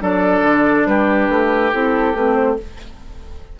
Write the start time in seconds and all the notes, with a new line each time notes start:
0.00 F#3 D4 A4 D5
0.41 D3
0.86 G3 G4 B4
1.29 A3
1.72 C4 E4 A4
2.14 A3 C4 B4
2.34 C5